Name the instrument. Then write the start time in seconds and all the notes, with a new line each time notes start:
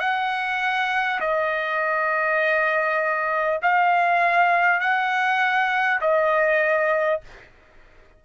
trumpet
0.00 F#5
1.21 D#5
3.63 F5
4.81 F#5
6.02 D#5